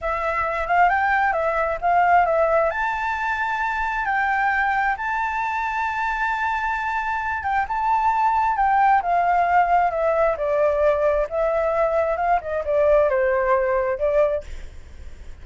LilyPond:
\new Staff \with { instrumentName = "flute" } { \time 4/4 \tempo 4 = 133 e''4. f''8 g''4 e''4 | f''4 e''4 a''2~ | a''4 g''2 a''4~ | a''1~ |
a''8 g''8 a''2 g''4 | f''2 e''4 d''4~ | d''4 e''2 f''8 dis''8 | d''4 c''2 d''4 | }